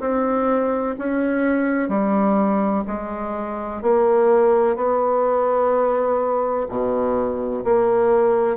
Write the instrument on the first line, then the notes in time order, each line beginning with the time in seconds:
bassoon
0.00 C4
0.98 C#4
1.88 G3
2.87 G#3
3.81 A#3
4.76 B3
6.68 B2
7.65 A#3